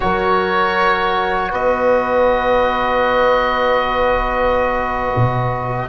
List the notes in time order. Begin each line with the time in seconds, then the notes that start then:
0.00 F#3 F#4 A#4 C#5
1.50 B3 B4 D#5
5.15 B2